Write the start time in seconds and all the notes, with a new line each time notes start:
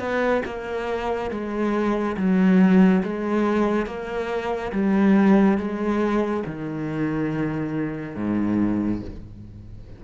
0.00 B3
0.46 A#3
1.31 G#3
2.17 F#3
3.04 G#3
3.86 A#3
4.73 G3
5.58 G#3
6.47 D#3
8.16 G#2